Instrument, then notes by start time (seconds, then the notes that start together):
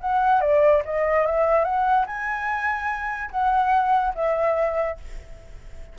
flute
0.00 F#5
0.41 D5
0.85 D#5
1.26 E5
1.64 F#5
2.06 G#5
3.31 F#5
4.15 E5